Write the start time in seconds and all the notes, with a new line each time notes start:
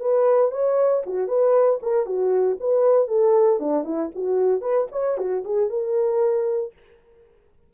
0.00 B4
0.51 C#5
1.06 F#4
1.28 B4
1.83 A#4
2.06 F#4
2.60 B4
3.08 A4
3.60 D4
3.84 E4
4.15 F#4
4.62 B4
4.92 C#5
5.18 F#4
5.45 G#4
5.70 A#4